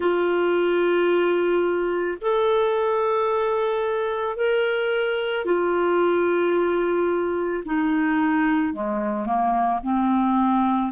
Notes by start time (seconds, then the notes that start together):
0.00 F4
2.21 A4
4.36 A#4
5.45 F4
7.65 D#4
8.73 G#3
9.25 A#3
9.83 C4